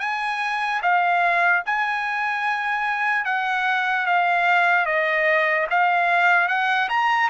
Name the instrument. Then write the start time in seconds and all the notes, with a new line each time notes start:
trumpet
0.00 G#5
0.83 F5
1.66 G#5
3.25 F#5
4.07 F5
4.86 D#5
5.71 F5
6.49 F#5
6.89 A#5